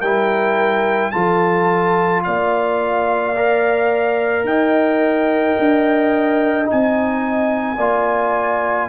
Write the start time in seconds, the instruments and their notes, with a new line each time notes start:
0.00 tuba G3, trombone E4, horn A#4, trumpet G5
1.11 tuba F3, trombone F4, horn A4, trumpet A5
2.24 tuba A#3, horn D5, trumpet F5
3.36 trombone A#4
4.44 tuba D#4, horn D#5, trumpet G5
5.59 tuba D4
6.65 trombone D#4, trumpet G#5
6.72 tuba C4
7.77 tuba A#3, trombone F4, horn D5